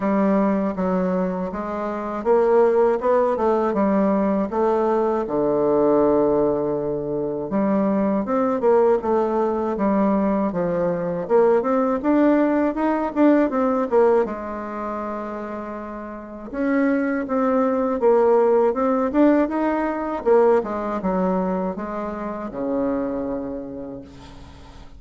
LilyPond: \new Staff \with { instrumentName = "bassoon" } { \time 4/4 \tempo 4 = 80 g4 fis4 gis4 ais4 | b8 a8 g4 a4 d4~ | d2 g4 c'8 ais8 | a4 g4 f4 ais8 c'8 |
d'4 dis'8 d'8 c'8 ais8 gis4~ | gis2 cis'4 c'4 | ais4 c'8 d'8 dis'4 ais8 gis8 | fis4 gis4 cis2 | }